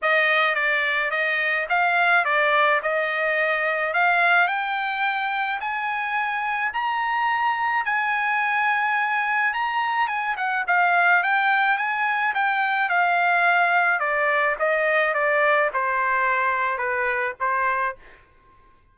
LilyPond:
\new Staff \with { instrumentName = "trumpet" } { \time 4/4 \tempo 4 = 107 dis''4 d''4 dis''4 f''4 | d''4 dis''2 f''4 | g''2 gis''2 | ais''2 gis''2~ |
gis''4 ais''4 gis''8 fis''8 f''4 | g''4 gis''4 g''4 f''4~ | f''4 d''4 dis''4 d''4 | c''2 b'4 c''4 | }